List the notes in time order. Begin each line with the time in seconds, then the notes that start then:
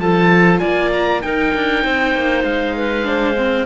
0.00 F3 F4 A4 A5
0.60 A#3 D5 G#5
0.93 A#5
1.22 D#4 A#4 G5
1.55 D4
1.84 C4 C5
2.15 A#3
2.44 G#3 F5
2.77 B4
3.04 D4 C5
3.37 C4